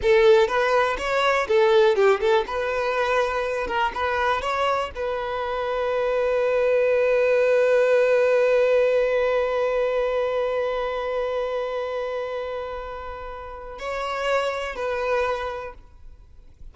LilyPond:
\new Staff \with { instrumentName = "violin" } { \time 4/4 \tempo 4 = 122 a'4 b'4 cis''4 a'4 | g'8 a'8 b'2~ b'8 ais'8 | b'4 cis''4 b'2~ | b'1~ |
b'1~ | b'1~ | b'1 | cis''2 b'2 | }